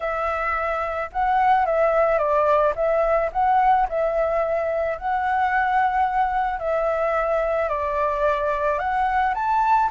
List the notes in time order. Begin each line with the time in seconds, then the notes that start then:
0.00 E5
1.12 F#5
1.65 E5
2.18 D5
2.75 E5
3.32 F#5
3.89 E5
4.98 F#5
6.59 E5
7.68 D5
8.78 F#5
9.34 A5